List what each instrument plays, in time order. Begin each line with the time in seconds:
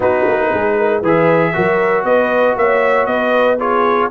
0.00 tuba B3, trombone D#4, horn F#4, trumpet B4
0.27 tuba A#3
0.51 tuba G#3, horn G#4
0.78 horn A#4
1.01 tuba E3, trombone G#4, horn B4, trumpet E5
1.53 tuba F#3, trombone F#4, horn A#4
2.03 tuba B3, horn B4, trumpet D#5
2.56 tuba A#3, horn C#5, trumpet E5
3.05 tuba B3, horn B4, trumpet D#5
3.58 trombone F4, horn G#4, trumpet C#5